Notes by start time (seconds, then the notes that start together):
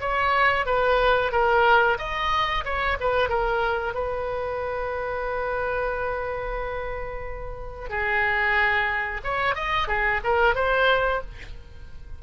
0.00 C#5
0.66 B4
1.31 A#4
1.98 D#5
2.64 C#5
3.00 B4
3.29 A#4
3.94 B4
7.89 G#4
9.23 C#5
9.55 D#5
9.87 G#4
10.23 A#4
10.55 C5